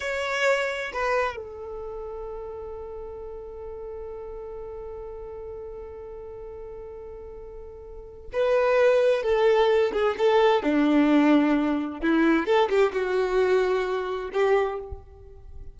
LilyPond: \new Staff \with { instrumentName = "violin" } { \time 4/4 \tempo 4 = 130 cis''2 b'4 a'4~ | a'1~ | a'1~ | a'1~ |
a'2 b'2 | a'4. gis'8 a'4 d'4~ | d'2 e'4 a'8 g'8 | fis'2. g'4 | }